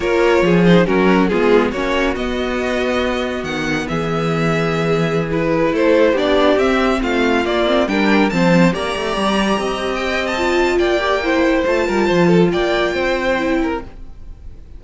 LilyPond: <<
  \new Staff \with { instrumentName = "violin" } { \time 4/4 \tempo 4 = 139 cis''4. c''8 ais'4 gis'4 | cis''4 dis''2. | fis''4 e''2.~ | e''16 b'4 c''4 d''4 e''8.~ |
e''16 f''4 d''4 g''4 a''8.~ | a''16 ais''2~ ais''8. g''8. a''16~ | a''4 g''2 a''4~ | a''4 g''2. | }
  \new Staff \with { instrumentName = "violin" } { \time 4/4 ais'4 gis'4 fis'4 f'4 | fis'1~ | fis'4 gis'2.~ | gis'4~ gis'16 a'4 g'4.~ g'16~ |
g'16 f'2 ais'4 c''8.~ | c''16 d''2 dis''4.~ dis''16~ | dis''4 d''4 c''4. ais'8 | c''8 a'8 d''4 c''4. ais'8 | }
  \new Staff \with { instrumentName = "viola" } { \time 4/4 f'4. dis'8 cis'4 b4 | cis'4 b2.~ | b1~ | b16 e'2 d'4 c'8.~ |
c'4~ c'16 ais8 c'8 d'4 c'8.~ | c'16 g'2.~ g'8. | f'4. g'8 e'4 f'4~ | f'2. e'4 | }
  \new Staff \with { instrumentName = "cello" } { \time 4/4 ais4 f4 fis4 gis4 | ais4 b2. | dis4 e2.~ | e4~ e16 a4 b4 c'8.~ |
c'16 a4 ais4 g4 f8.~ | f16 ais8 a8 g4 c'4.~ c'16~ | c'4 ais2 a8 g8 | f4 ais4 c'2 | }
>>